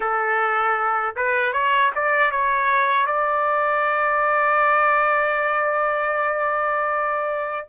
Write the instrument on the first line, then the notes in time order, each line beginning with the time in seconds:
trumpet
0.00 A4
1.16 B4
1.52 C#5
1.95 D5
2.31 C#5
3.06 D5